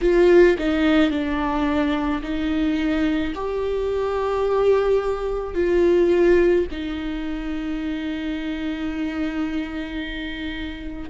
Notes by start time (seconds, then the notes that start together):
0.01 F4
0.58 D#4
1.10 D4
2.22 D#4
3.34 G4
5.54 F4
6.71 D#4